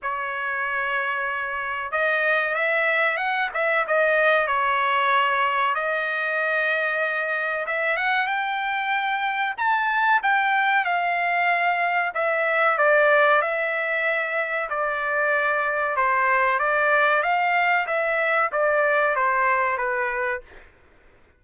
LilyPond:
\new Staff \with { instrumentName = "trumpet" } { \time 4/4 \tempo 4 = 94 cis''2. dis''4 | e''4 fis''8 e''8 dis''4 cis''4~ | cis''4 dis''2. | e''8 fis''8 g''2 a''4 |
g''4 f''2 e''4 | d''4 e''2 d''4~ | d''4 c''4 d''4 f''4 | e''4 d''4 c''4 b'4 | }